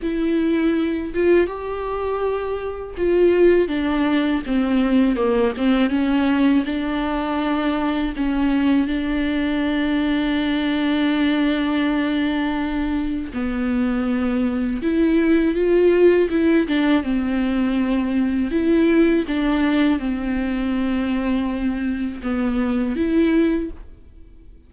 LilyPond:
\new Staff \with { instrumentName = "viola" } { \time 4/4 \tempo 4 = 81 e'4. f'8 g'2 | f'4 d'4 c'4 ais8 c'8 | cis'4 d'2 cis'4 | d'1~ |
d'2 b2 | e'4 f'4 e'8 d'8 c'4~ | c'4 e'4 d'4 c'4~ | c'2 b4 e'4 | }